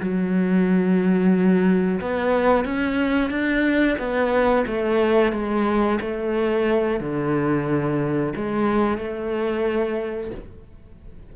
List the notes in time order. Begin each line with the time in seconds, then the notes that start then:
0.00 F#3
2.00 B3
2.65 C#4
3.30 D4
3.98 B3
4.67 A3
5.32 G#3
6.00 A3
7.00 D3
8.35 G#3
8.97 A3